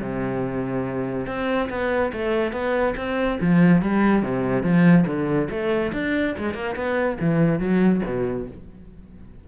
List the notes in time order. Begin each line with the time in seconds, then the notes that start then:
0.00 C3
1.26 C4
1.69 B3
2.12 A3
2.52 B3
2.96 C4
3.40 F3
3.82 G3
4.22 C3
4.63 F3
5.06 D3
5.50 A3
5.93 D4
6.38 G#3
6.54 A#3
6.75 B3
7.20 E3
7.59 F#3
8.05 B2